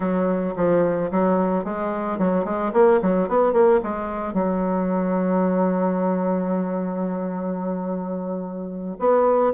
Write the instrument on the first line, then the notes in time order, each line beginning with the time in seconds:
bassoon
0.00 F#3
0.56 F3
1.11 F#3
1.64 G#3
2.18 F#3
2.44 G#3
2.73 A#3
3.02 F#3
3.28 B3
3.53 A#3
3.83 G#3
4.33 F#3
8.99 B3